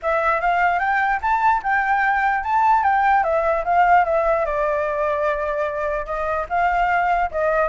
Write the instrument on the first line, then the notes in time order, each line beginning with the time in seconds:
flute
0.02 E5
0.40 F5
0.79 G5
1.21 A5
1.63 G5
2.43 A5
2.83 G5
3.23 E5
3.64 F5
4.04 E5
4.45 D5
6.05 D#5
6.49 F5
7.31 D#5